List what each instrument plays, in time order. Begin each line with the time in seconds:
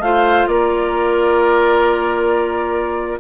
0.00 bassoon A3, clarinet F4, oboe C5, flute F5
0.47 bassoon A#3, oboe A#4, flute D5